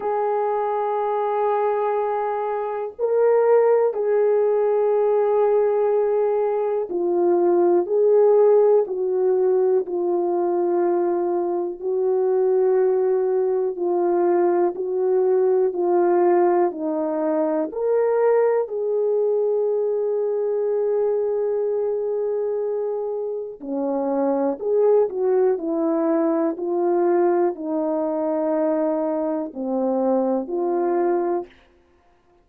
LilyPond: \new Staff \with { instrumentName = "horn" } { \time 4/4 \tempo 4 = 61 gis'2. ais'4 | gis'2. f'4 | gis'4 fis'4 f'2 | fis'2 f'4 fis'4 |
f'4 dis'4 ais'4 gis'4~ | gis'1 | cis'4 gis'8 fis'8 e'4 f'4 | dis'2 c'4 f'4 | }